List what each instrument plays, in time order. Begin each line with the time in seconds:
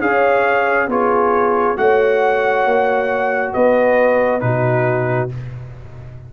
0.00 tuba C#4, trombone G#4, horn C#5, trumpet F5
0.87 tuba B3, trombone F4, horn G#4, trumpet C#5
1.76 tuba A3, trombone F#4, horn C#5, trumpet F#5
2.65 tuba A#3
3.53 tuba B3, horn B4, trumpet D#5
4.40 tuba B2, trombone D#4, horn F#4, trumpet B4